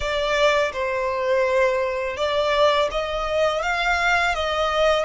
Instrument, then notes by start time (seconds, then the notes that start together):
violin
0.00 D5
0.72 C5
2.16 D5
2.91 D#5
3.62 F5
4.34 D#5